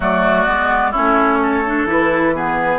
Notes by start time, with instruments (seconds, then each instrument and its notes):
0.00 bassoon F#3, clarinet A3, oboe F#4, flute D5
0.45 bassoon G#3, clarinet B3
0.91 clarinet C#4, oboe E4, flute C#5
0.97 bassoon A3
1.43 oboe A4
1.65 clarinet D4
1.85 bassoon E3, clarinet E4, flute B4
2.34 clarinet B3, oboe G#4